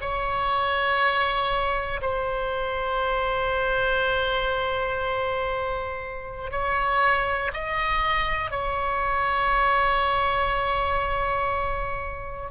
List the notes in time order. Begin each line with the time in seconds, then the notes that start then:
0.00 C#5
2.01 C5
6.51 C#5
7.53 D#5
8.50 C#5